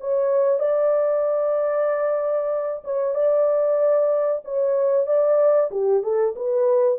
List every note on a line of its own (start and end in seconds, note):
0.00 0.59 C#5
0.59 2.83 D5
2.84 3.15 C#5
3.15 4.42 D5
4.44 5.06 C#5
5.06 5.70 D5
5.71 6.03 G4
6.03 6.35 A4
6.36 6.98 B4